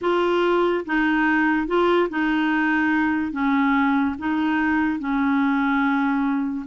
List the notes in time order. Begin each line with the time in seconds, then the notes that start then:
0.01 F4
0.85 D#4
1.67 F4
2.09 D#4
3.32 C#4
4.18 D#4
4.99 C#4